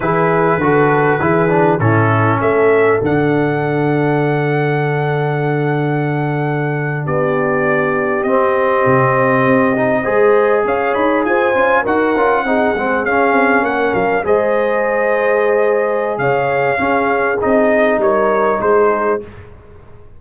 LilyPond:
<<
  \new Staff \with { instrumentName = "trumpet" } { \time 4/4 \tempo 4 = 100 b'2. a'4 | e''4 fis''2.~ | fis''2.~ fis''8. d''16~ | d''4.~ d''16 dis''2~ dis''16~ |
dis''4.~ dis''16 f''8 b''8 gis''4 fis''16~ | fis''4.~ fis''16 f''4 fis''8 f''8 dis''16~ | dis''2. f''4~ | f''4 dis''4 cis''4 c''4 | }
  \new Staff \with { instrumentName = "horn" } { \time 4/4 gis'4 a'4 gis'4 e'4 | a'1~ | a'2.~ a'8. g'16~ | g'1~ |
g'8. c''4 cis''4 c''4 ais'16~ | ais'8. gis'2 ais'4 c''16~ | c''2. cis''4 | gis'2 ais'4 gis'4 | }
  \new Staff \with { instrumentName = "trombone" } { \time 4/4 e'4 fis'4 e'8 d'8 cis'4~ | cis'4 d'2.~ | d'1~ | d'4.~ d'16 c'2~ c'16~ |
c'16 dis'8 gis'2~ gis'8 f'8 fis'16~ | fis'16 f'8 dis'8 c'8 cis'2 gis'16~ | gis'1 | cis'4 dis'2. | }
  \new Staff \with { instrumentName = "tuba" } { \time 4/4 e4 d4 e4 a,4 | a4 d2.~ | d2.~ d8. b16~ | b4.~ b16 c'4 c4 c'16~ |
c'8. gis4 cis'8 dis'8 f'8 cis'8 dis'16~ | dis'16 cis'8 c'8 gis8 cis'8 c'8 ais8 fis8 gis16~ | gis2. cis4 | cis'4 c'4 g4 gis4 | }
>>